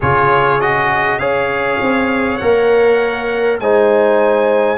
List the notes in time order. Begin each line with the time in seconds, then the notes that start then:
0.00 C#3 F4 G#4 C#5
0.60 F#4 D#5
1.18 C#4 G#4 C#5 F5
1.80 C4
2.36 A#3 A#4 F#5
3.59 G#3 D#4 C5 G#5